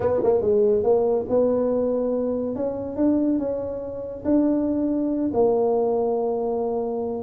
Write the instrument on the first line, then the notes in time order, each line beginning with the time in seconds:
tuba
0.00 B3
0.23 A#3
0.41 G#3
0.83 A#3
1.29 B3
2.55 C#4
2.96 D4
3.38 C#4
4.25 D4
5.33 A#3